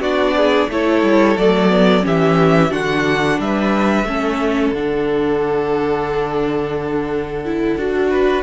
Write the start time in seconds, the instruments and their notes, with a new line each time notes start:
0.00 cello B3, viola D4, violin F#4 D5
0.36 violin G#4
0.69 cello A3, viola E4, violin A4 C#5
1.03 cello G3
1.37 cello F#3, viola A3, violin D5
1.69 viola B3
2.01 cello E3, viola C#4, violin G4
2.07 violin E5
2.70 cello D3, viola D4, violin F#4 F#5
3.39 cello G3, violin B4 E5
4.04 cello A3, viola C#4, violin A4
4.72 cello D3, viola D4, violin F#5
7.45 viola E4
7.76 cello D4, viola F#4
8.10 violin B4